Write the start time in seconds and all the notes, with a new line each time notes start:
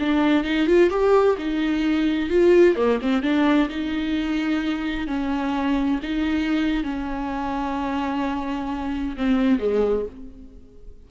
0.00 D4
0.44 D#4
0.67 F4
0.90 G4
1.38 D#4
2.30 F4
2.76 A#3
3.02 C4
3.23 D4
3.70 D#4
5.07 C#4
6.03 D#4
6.84 C#4
9.17 C4
9.59 G#3